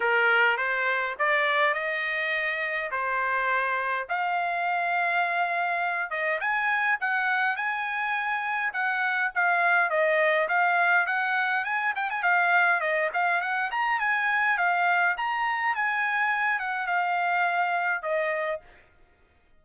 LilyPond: \new Staff \with { instrumentName = "trumpet" } { \time 4/4 \tempo 4 = 103 ais'4 c''4 d''4 dis''4~ | dis''4 c''2 f''4~ | f''2~ f''8 dis''8 gis''4 | fis''4 gis''2 fis''4 |
f''4 dis''4 f''4 fis''4 | gis''8 g''16 gis''16 f''4 dis''8 f''8 fis''8 ais''8 | gis''4 f''4 ais''4 gis''4~ | gis''8 fis''8 f''2 dis''4 | }